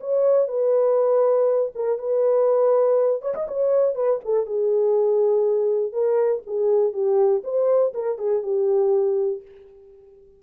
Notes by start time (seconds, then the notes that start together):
0.00 C#5
0.48 B4
1.75 A#4
1.99 B4
3.22 C#5
3.34 D#5
3.48 C#5
3.95 B4
4.25 A4
4.46 G#4
5.93 A#4
6.46 G#4
6.93 G4
7.44 C5
7.94 A#4
8.18 G#4
8.43 G4